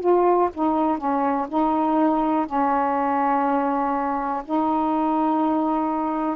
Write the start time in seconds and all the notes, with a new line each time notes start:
0.00 F4
0.54 D#4
0.98 C#4
1.49 D#4
2.46 C#4
4.45 D#4